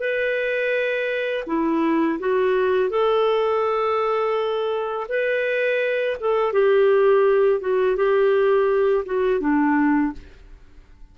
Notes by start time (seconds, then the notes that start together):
0.00 B4
1.47 E4
2.20 F#4
2.90 A4
5.09 B4
6.20 A4
6.53 G4
7.61 F#4
7.96 G4
9.06 F#4
9.41 D4